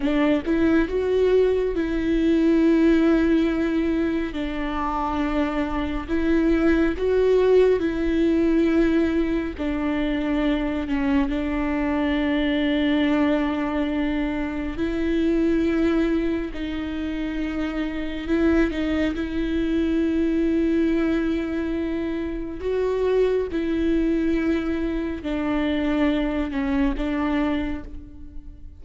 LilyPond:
\new Staff \with { instrumentName = "viola" } { \time 4/4 \tempo 4 = 69 d'8 e'8 fis'4 e'2~ | e'4 d'2 e'4 | fis'4 e'2 d'4~ | d'8 cis'8 d'2.~ |
d'4 e'2 dis'4~ | dis'4 e'8 dis'8 e'2~ | e'2 fis'4 e'4~ | e'4 d'4. cis'8 d'4 | }